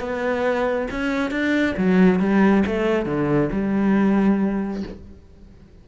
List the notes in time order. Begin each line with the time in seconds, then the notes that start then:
0.00 B3
0.91 C#4
1.31 D4
1.77 F#3
2.20 G3
2.66 A3
3.06 D3
3.52 G3